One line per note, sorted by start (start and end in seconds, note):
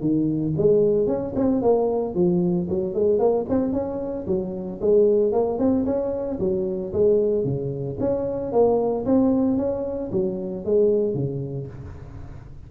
0.00 0.53 D#3
0.57 1.07 G#3
1.07 1.33 C#4
1.35 1.61 C4
1.61 2.14 A#3
2.14 2.67 F3
2.69 2.94 F#3
2.94 3.18 G#3
3.18 3.45 A#3
3.49 3.72 C4
3.72 4.25 C#4
4.27 4.80 F#3
4.81 5.32 G#3
5.32 5.58 A#3
5.58 5.85 C4
5.85 6.38 C#4
6.39 6.92 F#3
6.93 7.44 G#3
7.44 7.97 C#3
7.99 8.51 C#4
8.51 9.05 A#3
9.05 9.57 C4
9.57 10.10 C#4
10.12 10.64 F#3
10.64 11.14 G#3
11.14 11.67 C#3